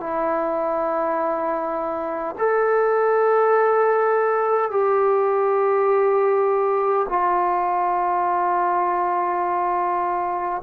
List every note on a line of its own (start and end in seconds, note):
0.00 2.35 E4
2.39 4.71 A4
4.71 7.06 G4
7.09 10.62 F4